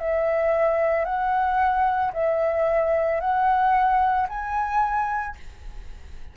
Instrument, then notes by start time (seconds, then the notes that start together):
flute
0.00 E5
1.05 F#5
2.13 E5
3.20 F#5
4.29 G#5